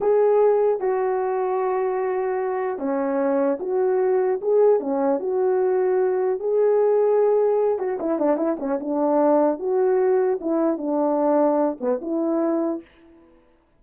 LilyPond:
\new Staff \with { instrumentName = "horn" } { \time 4/4 \tempo 4 = 150 gis'2 fis'2~ | fis'2. cis'4~ | cis'4 fis'2 gis'4 | cis'4 fis'2. |
gis'2.~ gis'8 fis'8 | e'8 d'8 e'8 cis'8 d'2 | fis'2 e'4 d'4~ | d'4. b8 e'2 | }